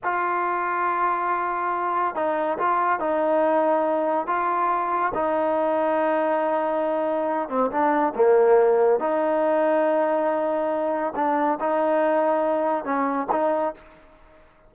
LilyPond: \new Staff \with { instrumentName = "trombone" } { \time 4/4 \tempo 4 = 140 f'1~ | f'4 dis'4 f'4 dis'4~ | dis'2 f'2 | dis'1~ |
dis'4. c'8 d'4 ais4~ | ais4 dis'2.~ | dis'2 d'4 dis'4~ | dis'2 cis'4 dis'4 | }